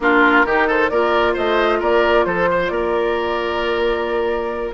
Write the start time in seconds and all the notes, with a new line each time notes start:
0.00 A#3 D4 F4 A#4
0.45 D#3 D#4 G4
0.67 A4 C5
0.89 A#3 F4 A#4 D5
1.33 A3 C5 D#5
1.79 A#3 A#4 D5
2.25 F3 A4 C5
2.50 C5
2.68 A#3 A#4 D5